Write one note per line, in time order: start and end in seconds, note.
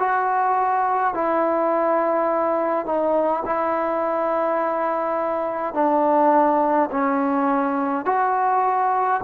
0.00 1.14 F#4
1.14 2.86 E4
2.86 3.44 D#4
3.46 5.75 E4
5.75 6.90 D4
6.91 8.06 C#4
8.06 9.22 F#4